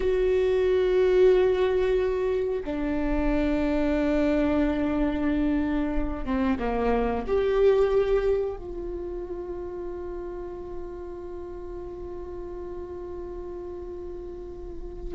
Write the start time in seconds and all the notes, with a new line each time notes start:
0.00 F#4
2.64 D4
6.25 C4
6.59 A#3
7.27 G4
8.56 F4